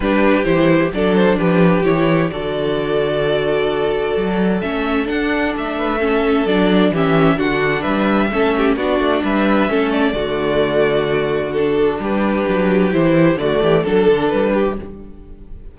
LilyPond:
<<
  \new Staff \with { instrumentName = "violin" } { \time 4/4 \tempo 4 = 130 b'4 c''4 d''8 c''8 b'4 | cis''4 d''2.~ | d''2 e''4 fis''4 | e''2 d''4 e''4 |
fis''4 e''2 d''4 | e''4. d''2~ d''8~ | d''4 a'4 b'2 | c''4 d''4 a'4 b'4 | }
  \new Staff \with { instrumentName = "violin" } { \time 4/4 g'2 a'4 g'4~ | g'4 a'2.~ | a'1~ | a'8 b'8 a'2 g'4 |
fis'4 b'4 a'8 g'8 fis'4 | b'4 a'4 fis'2~ | fis'2 g'2~ | g'4 fis'8 g'8 a'4. g'8 | }
  \new Staff \with { instrumentName = "viola" } { \time 4/4 d'4 e'4 d'2 | e'4 fis'2.~ | fis'2 cis'4 d'4~ | d'4 cis'4 d'4 cis'4 |
d'2 cis'4 d'4~ | d'4 cis'4 a2~ | a4 d'2. | e'4 a4 d'2 | }
  \new Staff \with { instrumentName = "cello" } { \time 4/4 g4 e4 fis4 f4 | e4 d2.~ | d4 fis4 a4 d'4 | a2 fis4 e4 |
d4 g4 a4 b8 a8 | g4 a4 d2~ | d2 g4 fis4 | e4 d8 e8 fis8 d8 g4 | }
>>